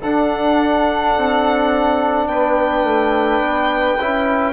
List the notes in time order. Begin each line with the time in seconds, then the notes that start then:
0.00 D4 A4 F#5
1.16 C4
2.27 B3 B4 G5
2.83 A3
3.40 B3
4.00 C#4 E4